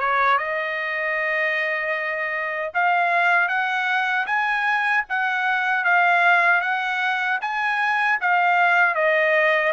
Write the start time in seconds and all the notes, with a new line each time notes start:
0.00 C#5
0.38 D#5
2.74 F5
3.48 F#5
4.26 G#5
5.09 F#5
5.84 F5
6.61 F#5
7.41 G#5
8.21 F5
8.95 D#5